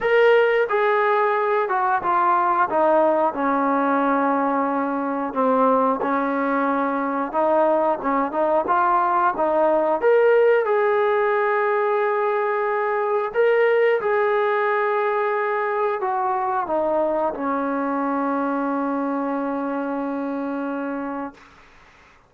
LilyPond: \new Staff \with { instrumentName = "trombone" } { \time 4/4 \tempo 4 = 90 ais'4 gis'4. fis'8 f'4 | dis'4 cis'2. | c'4 cis'2 dis'4 | cis'8 dis'8 f'4 dis'4 ais'4 |
gis'1 | ais'4 gis'2. | fis'4 dis'4 cis'2~ | cis'1 | }